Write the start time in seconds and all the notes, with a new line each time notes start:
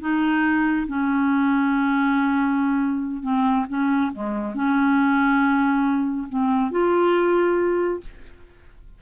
0.00 D#4
0.87 C#4
3.22 C4
3.68 C#4
4.12 G#3
4.54 C#4
6.29 C4
6.71 F4